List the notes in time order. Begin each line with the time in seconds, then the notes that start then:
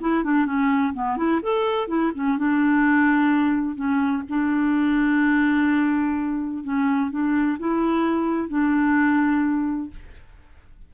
0.00 E4
0.24 D4
0.46 C#4
0.94 B3
1.17 E4
1.42 A4
1.88 E4
2.15 C#4
2.38 D4
3.75 C#4
4.29 D4
6.63 C#4
7.11 D4
7.59 E4
8.48 D4